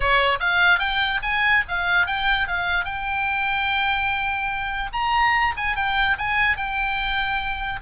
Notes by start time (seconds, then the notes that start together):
0.00 C#5
0.40 F5
0.79 G5
1.22 G#5
1.68 F5
2.06 G5
2.47 F5
2.84 G5
4.93 A#5
5.56 G#5
5.76 G5
6.18 G#5
6.57 G5